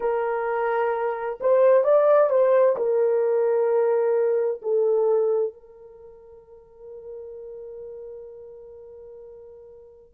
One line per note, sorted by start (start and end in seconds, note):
0.00 1.38 A#4
1.40 1.83 C5
1.83 2.30 D5
2.30 2.76 C5
2.76 4.61 A#4
4.62 5.53 A4
5.53 10.14 A#4